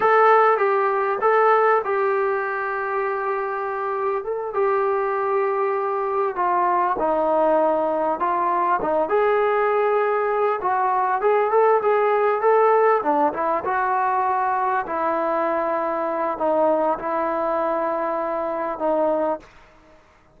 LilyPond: \new Staff \with { instrumentName = "trombone" } { \time 4/4 \tempo 4 = 99 a'4 g'4 a'4 g'4~ | g'2. a'8 g'8~ | g'2~ g'8 f'4 dis'8~ | dis'4. f'4 dis'8 gis'4~ |
gis'4. fis'4 gis'8 a'8 gis'8~ | gis'8 a'4 d'8 e'8 fis'4.~ | fis'8 e'2~ e'8 dis'4 | e'2. dis'4 | }